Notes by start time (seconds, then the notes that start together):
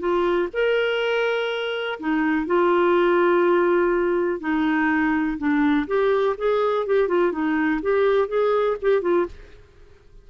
0.00 F4
0.53 A#4
2.00 D#4
2.47 F4
4.41 D#4
5.38 D4
5.88 G4
6.38 G#4
6.87 G4
7.08 F4
7.32 D#4
7.82 G4
8.29 G#4
8.82 G4
9.02 F4